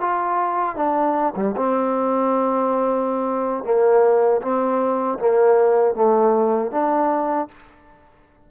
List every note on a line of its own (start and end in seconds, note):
0.00 0.76 F4
0.76 1.34 D4
1.36 1.55 G3
1.56 3.64 C4
3.64 4.41 A#3
4.41 5.18 C4
5.19 5.95 A#3
5.95 6.71 A3
6.71 7.48 D4